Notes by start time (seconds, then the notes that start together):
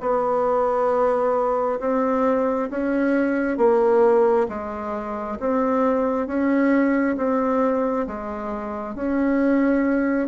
0.00 B3
1.80 C4
2.70 C#4
3.57 A#3
4.48 G#3
5.39 C4
6.26 C#4
7.16 C4
8.06 G#3
8.95 C#4